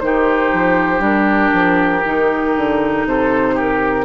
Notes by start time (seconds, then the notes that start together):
0.00 D#3 D#4 G4 C5
0.53 F3
0.99 G3 D4 A#4
1.53 F3
2.05 D#3 D#4
2.56 D3
3.05 C3 A4 C5
3.54 G4 A#4